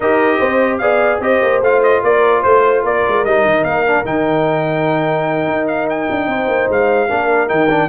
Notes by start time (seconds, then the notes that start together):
0.00 D#4 G4 A#4 D#5
0.38 C4 C5
0.78 B3 G#4 D5 F5
1.19 C4 G4 C5 D#5
1.41 A#3
1.61 A3 F4 F5
1.82 D#5
2.03 A#3 A#4 D5
2.42 A3 C5
2.82 A#3 A#4 D5
3.08 G#3
3.24 G3 D#4 D#5
3.44 D#3
3.63 A#3 F5
3.86 D4
4.04 D#3 D#4 G5
5.47 D#4
5.67 F5
5.89 G5
6.10 D4
6.26 C4 C5
6.47 A#3
6.68 G#3 F5
7.08 A#3 D4 A#4
7.47 D#3 D#4 G5
7.70 D4